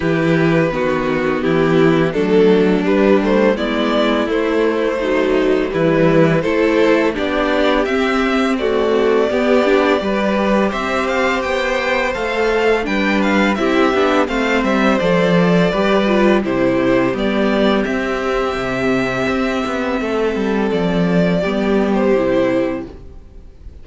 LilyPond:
<<
  \new Staff \with { instrumentName = "violin" } { \time 4/4 \tempo 4 = 84 b'2 g'4 a'4 | b'8 c''8 d''4 c''2 | b'4 c''4 d''4 e''4 | d''2. e''8 f''8 |
g''4 f''4 g''8 f''8 e''4 | f''8 e''8 d''2 c''4 | d''4 e''2.~ | e''4 d''4.~ d''16 c''4~ c''16 | }
  \new Staff \with { instrumentName = "violin" } { \time 4/4 g'4 fis'4 e'4 d'4~ | d'4 e'2 dis'4 | e'4 a'4 g'2 | fis'4 g'4 b'4 c''4~ |
c''2 b'4 g'4 | c''2 b'4 g'4~ | g'1 | a'2 g'2 | }
  \new Staff \with { instrumentName = "viola" } { \time 4/4 e'4 b2 a4 | g8 a8 b4 a4 fis4 | g4 e'4 d'4 c'4 | a4 b8 d'8 g'2~ |
g'4 a'4 d'4 e'8 d'8 | c'4 a'4 g'8 f'8 e'4 | b4 c'2.~ | c'2 b4 e'4 | }
  \new Staff \with { instrumentName = "cello" } { \time 4/4 e4 dis4 e4 fis4 | g4 gis4 a2 | e4 a4 b4 c'4~ | c'4 b4 g4 c'4 |
b4 a4 g4 c'8 b8 | a8 g8 f4 g4 c4 | g4 c'4 c4 c'8 b8 | a8 g8 f4 g4 c4 | }
>>